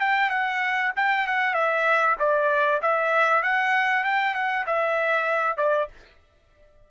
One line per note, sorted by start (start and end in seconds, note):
0.00 0.30 G5
0.30 0.92 F#5
0.96 1.27 G5
1.27 1.54 F#5
1.54 2.16 E5
2.19 2.81 D5
2.82 3.43 E5
3.43 4.04 F#5
4.04 4.34 G5
4.34 4.65 F#5
4.67 5.57 E5
5.57 5.88 D5